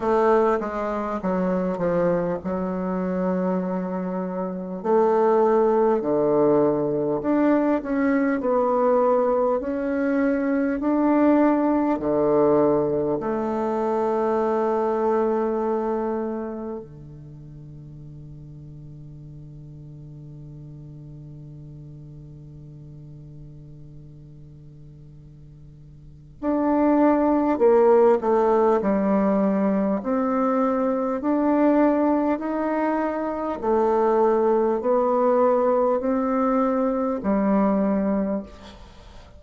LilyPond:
\new Staff \with { instrumentName = "bassoon" } { \time 4/4 \tempo 4 = 50 a8 gis8 fis8 f8 fis2 | a4 d4 d'8 cis'8 b4 | cis'4 d'4 d4 a4~ | a2 d2~ |
d1~ | d2 d'4 ais8 a8 | g4 c'4 d'4 dis'4 | a4 b4 c'4 g4 | }